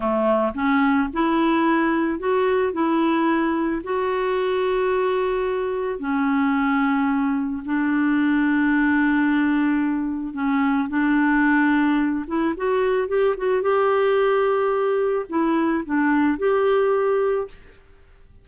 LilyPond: \new Staff \with { instrumentName = "clarinet" } { \time 4/4 \tempo 4 = 110 a4 cis'4 e'2 | fis'4 e'2 fis'4~ | fis'2. cis'4~ | cis'2 d'2~ |
d'2. cis'4 | d'2~ d'8 e'8 fis'4 | g'8 fis'8 g'2. | e'4 d'4 g'2 | }